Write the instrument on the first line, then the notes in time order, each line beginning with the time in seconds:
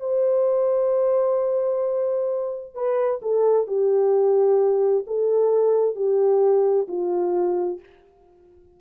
horn
0.00 C5
2.75 B4
3.22 A4
3.68 G4
5.07 A4
5.96 G4
6.88 F4